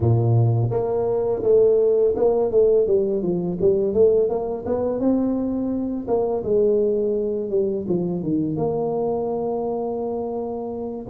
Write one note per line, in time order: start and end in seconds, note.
0.00 0.70 A#2
0.70 1.42 A#3
1.43 2.14 A3
2.16 2.51 A#3
2.51 2.86 A3
2.86 3.22 G3
3.22 3.57 F3
3.60 3.93 G3
3.93 4.29 A3
4.29 4.65 A#3
4.65 4.99 B3
4.99 6.06 C4
6.07 6.43 A#3
6.43 7.50 G#3
7.50 7.85 G3
7.88 8.22 F3
8.22 8.56 D#3
8.56 11.06 A#3